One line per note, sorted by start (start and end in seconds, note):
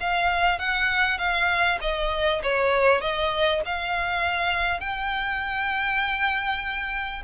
0.00 0.59 F5
0.59 1.18 F#5
1.18 1.79 F5
1.81 2.41 D#5
2.43 3.01 C#5
3.01 3.61 D#5
3.65 4.80 F5
4.80 7.23 G5